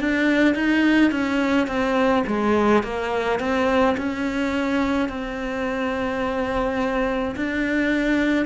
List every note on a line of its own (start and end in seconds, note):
0.00 0.55 D4
0.55 1.11 D#4
1.11 1.67 C#4
1.67 2.24 C4
2.27 2.83 G#3
2.83 3.40 A#3
3.40 3.96 C4
3.97 5.09 C#4
5.09 7.35 C4
7.36 8.46 D4